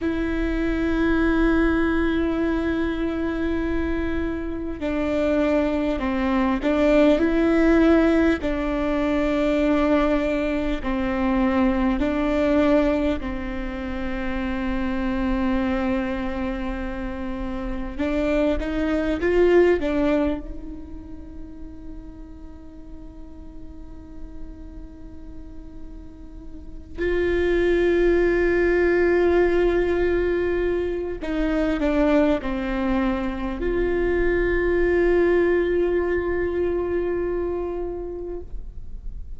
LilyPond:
\new Staff \with { instrumentName = "viola" } { \time 4/4 \tempo 4 = 50 e'1 | d'4 c'8 d'8 e'4 d'4~ | d'4 c'4 d'4 c'4~ | c'2. d'8 dis'8 |
f'8 d'8 dis'2.~ | dis'2~ dis'8 f'4.~ | f'2 dis'8 d'8 c'4 | f'1 | }